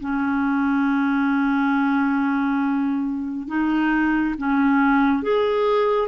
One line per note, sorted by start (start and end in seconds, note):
0.00 3.48 C#4
3.48 4.35 D#4
4.38 5.23 C#4
5.23 6.08 G#4